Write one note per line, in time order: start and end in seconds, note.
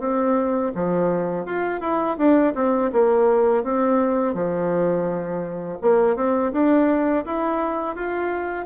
0.00 0.72 C4
0.75 1.46 F3
1.46 1.81 F4
1.81 2.17 E4
2.18 2.54 D4
2.55 2.91 C4
2.93 3.64 A#3
3.64 4.34 C4
4.34 5.79 F3
5.82 6.16 A#3
6.16 6.53 C4
6.53 7.25 D4
7.26 7.96 E4
7.96 8.66 F4